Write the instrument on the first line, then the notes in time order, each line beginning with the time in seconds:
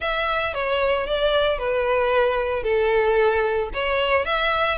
violin
0.00 E5
0.54 C#5
1.06 D5
1.58 B4
2.63 A4
3.73 C#5
4.25 E5